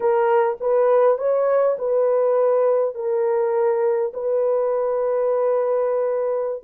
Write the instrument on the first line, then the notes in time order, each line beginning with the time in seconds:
horn
0.00 A#4
0.60 B4
1.18 C#5
1.78 B4
2.94 A#4
4.13 B4